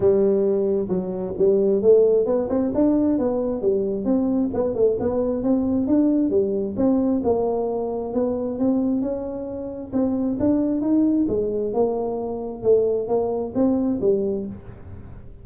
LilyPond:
\new Staff \with { instrumentName = "tuba" } { \time 4/4 \tempo 4 = 133 g2 fis4 g4 | a4 b8 c'8 d'4 b4 | g4 c'4 b8 a8 b4 | c'4 d'4 g4 c'4 |
ais2 b4 c'4 | cis'2 c'4 d'4 | dis'4 gis4 ais2 | a4 ais4 c'4 g4 | }